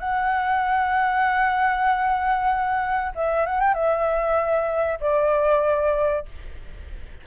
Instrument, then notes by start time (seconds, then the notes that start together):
flute
0.00 F#5
3.16 E5
3.46 F#5
3.61 G5
3.74 E5
5.01 D5